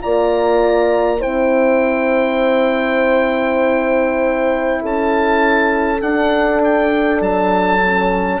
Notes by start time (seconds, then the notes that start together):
0.00 A#3 F4 D5 A#5
1.18 C4 E4 C5 G5
4.81 C#4 A4 A5
6.01 D4 F#5
6.64 G5
7.21 F#3 A5
7.84 C#4